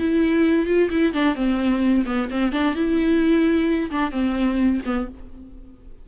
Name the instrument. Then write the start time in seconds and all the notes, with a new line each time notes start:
viola
0.00 E4
0.67 F4
0.91 E4
1.14 D4
1.36 C4
2.06 B3
2.31 C4
2.53 D4
2.76 E4
3.91 D4
4.12 C4
4.86 B3